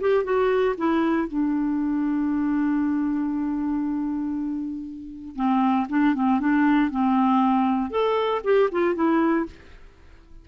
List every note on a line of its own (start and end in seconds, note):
0.00 0.24 G4
0.24 0.75 F#4
0.77 1.28 E4
1.28 5.35 D4
5.35 5.87 C4
5.89 6.14 D4
6.14 6.40 C4
6.40 6.90 D4
6.90 7.90 C4
7.90 8.41 A4
8.44 8.69 G4
8.71 8.94 F4
8.94 9.46 E4